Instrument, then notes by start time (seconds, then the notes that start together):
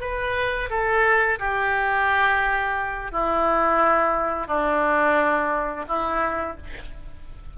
oboe
0.00 B4
0.69 A4
1.39 G4
3.11 E4
4.47 D4
5.87 E4